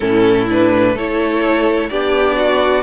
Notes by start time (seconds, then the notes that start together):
0.00 A2 C#4 E4 A4
0.49 D4 B4
0.94 A3 E4 A4 C#5
1.89 B3 D4 G4 D5
2.36 F#4